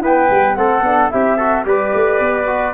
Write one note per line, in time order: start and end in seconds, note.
0.00 0.56 B3
0.00 0.27 E4
0.00 0.57 B4
0.00 0.55 G5
0.30 0.57 G3
0.55 0.81 A3
0.55 0.83 C4
0.55 1.13 A4
0.55 1.10 F#5
0.81 1.09 B3
0.81 1.11 D4
1.10 1.65 C4
1.10 1.38 E4
1.10 1.37 G4
1.10 1.65 E5
1.37 1.65 F#4
1.37 1.64 A4
1.65 1.92 G3
1.65 2.46 G4
1.65 2.74 B4
1.65 2.74 D5
1.94 2.20 A3
2.20 2.74 B3
2.46 2.73 F#4